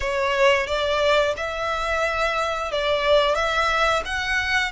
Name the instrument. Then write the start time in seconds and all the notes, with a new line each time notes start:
violin
0.00 C#5
0.66 D5
1.36 E5
2.72 D5
3.35 E5
4.05 F#5